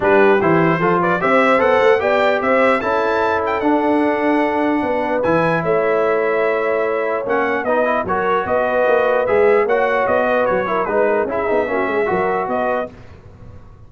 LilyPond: <<
  \new Staff \with { instrumentName = "trumpet" } { \time 4/4 \tempo 4 = 149 b'4 c''4. d''8 e''4 | fis''4 g''4 e''4 a''4~ | a''8 g''8 fis''2.~ | fis''4 gis''4 e''2~ |
e''2 fis''4 dis''4 | cis''4 dis''2 e''4 | fis''4 dis''4 cis''4 b'4 | e''2. dis''4 | }
  \new Staff \with { instrumentName = "horn" } { \time 4/4 g'2 a'8 b'8 c''4~ | c''4 d''4 c''4 a'4~ | a'1 | b'2 cis''2~ |
cis''2. b'4 | ais'4 b'2. | cis''4. b'4 ais'8 b'8 ais'8 | gis'4 fis'8 gis'8 ais'4 b'4 | }
  \new Staff \with { instrumentName = "trombone" } { \time 4/4 d'4 e'4 f'4 g'4 | a'4 g'2 e'4~ | e'4 d'2.~ | d'4 e'2.~ |
e'2 cis'4 dis'8 e'8 | fis'2. gis'4 | fis'2~ fis'8 e'8 dis'4 | e'8 dis'8 cis'4 fis'2 | }
  \new Staff \with { instrumentName = "tuba" } { \time 4/4 g4 e4 f4 c'4 | b8 a8 b4 c'4 cis'4~ | cis'4 d'2. | b4 e4 a2~ |
a2 ais4 b4 | fis4 b4 ais4 gis4 | ais4 b4 fis4 gis4 | cis'8 b8 ais8 gis8 fis4 b4 | }
>>